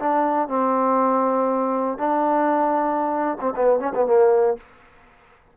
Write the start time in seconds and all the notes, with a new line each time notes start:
0.00 D4
0.49 C4
1.99 D4
3.41 C4
3.56 B3
3.80 C#4
3.95 B3
4.07 A#3